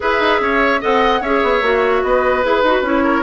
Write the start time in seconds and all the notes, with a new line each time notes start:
0.00 E4 G#4 B4 E5
0.19 D#4
0.39 C#4 C#5
0.80 C4 A4 D#5 F#5
1.21 C#4 G#4 C#5 E5
1.42 B3
1.61 A#3 F#4
2.03 B3 B4 D#5
2.43 E4 G#4 B4
2.63 D#4 F#4
2.81 C#4 E4 C#5
3.04 A#4